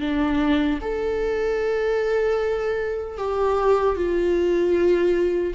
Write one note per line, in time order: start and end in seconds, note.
0.00 0.79 D4
0.81 3.17 A4
3.17 3.95 G4
3.95 5.53 F4